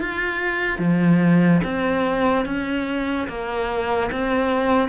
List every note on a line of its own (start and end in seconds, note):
0.00 0.79 F4
0.79 1.61 F3
1.64 2.46 C4
2.46 3.28 C#4
3.28 4.11 A#3
4.12 4.89 C4